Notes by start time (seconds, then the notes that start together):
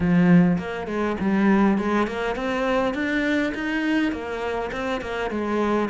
0.00 F3
0.58 A#3
0.87 G#3
1.20 G3
1.78 G#3
2.07 A#3
2.35 C4
2.94 D4
3.54 D#4
4.12 A#3
4.72 C4
5.01 A#3
5.30 G#3